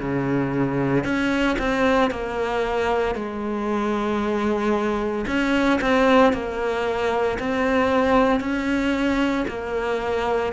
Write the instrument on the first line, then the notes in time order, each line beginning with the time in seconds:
cello
0.00 C#3
1.04 C#4
1.59 C4
2.11 A#3
3.15 G#3
5.27 C#4
5.81 C4
6.33 A#3
7.39 C4
8.41 C#4
9.48 A#3